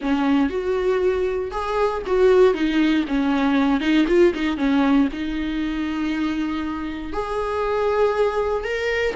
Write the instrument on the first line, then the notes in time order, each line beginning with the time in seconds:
viola
0.01 C#4
0.49 F#4
1.51 G#4
2.06 F#4
2.54 D#4
3.07 C#4
3.80 D#4
4.07 F4
4.34 D#4
4.57 C#4
5.12 D#4
7.13 G#4
8.64 A#4